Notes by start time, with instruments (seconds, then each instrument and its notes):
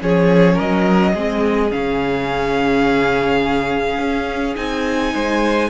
0.00 cello F3, viola C#4, violin G#4 C#5
0.54 cello F#3, violin A#4 D#5
1.13 cello G#3, viola C4, violin G#4
1.70 cello C#3, viola C#4, violin F5
3.97 cello C#4
4.55 cello C4, viola D#4, violin G#5
5.13 cello G#3, violin C5